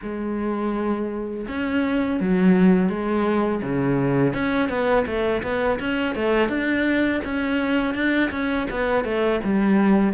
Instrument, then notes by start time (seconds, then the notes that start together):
cello
0.02 G#3
1.48 C#4
2.20 F#3
2.89 G#3
3.62 C#3
4.33 C#4
4.69 B3
5.06 A3
5.42 B3
5.79 C#4
6.14 A3
6.48 D4
7.24 C#4
7.94 D4
8.31 C#4
8.70 B3
9.04 A3
9.43 G3